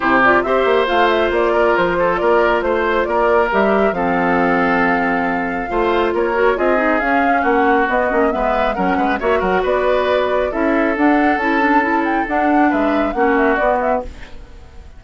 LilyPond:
<<
  \new Staff \with { instrumentName = "flute" } { \time 4/4 \tempo 4 = 137 c''8 d''8 e''4 f''8 e''8 d''4 | c''4 d''4 c''4 d''4 | e''4 f''2.~ | f''2 cis''4 dis''4 |
f''4 fis''4 dis''4 e''4 | fis''4 e''8 fis''8 d''2 | e''4 fis''4 a''4. g''8 | fis''4 e''4 fis''8 e''8 d''8 e''8 | }
  \new Staff \with { instrumentName = "oboe" } { \time 4/4 g'4 c''2~ c''8 ais'8~ | ais'8 a'8 ais'4 c''4 ais'4~ | ais'4 a'2.~ | a'4 c''4 ais'4 gis'4~ |
gis'4 fis'2 b'4 | ais'8 b'8 cis''8 ais'8 b'2 | a'1~ | a'4 b'4 fis'2 | }
  \new Staff \with { instrumentName = "clarinet" } { \time 4/4 e'8 f'8 g'4 f'2~ | f'1 | g'4 c'2.~ | c'4 f'4. fis'8 f'8 dis'8 |
cis'2 b8 cis'8 b4 | cis'4 fis'2. | e'4 d'4 e'8 d'8 e'4 | d'2 cis'4 b4 | }
  \new Staff \with { instrumentName = "bassoon" } { \time 4/4 c4 c'8 ais8 a4 ais4 | f4 ais4 a4 ais4 | g4 f2.~ | f4 a4 ais4 c'4 |
cis'4 ais4 b8 ais8 gis4 | fis8 gis8 ais8 fis8 b2 | cis'4 d'4 cis'2 | d'4 gis4 ais4 b4 | }
>>